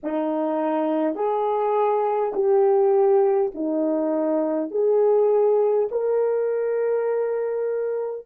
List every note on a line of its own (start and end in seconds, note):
0.03 1.15 D#4
1.15 2.33 G#4
2.34 3.52 G4
3.54 4.71 D#4
4.71 5.88 G#4
5.91 8.26 A#4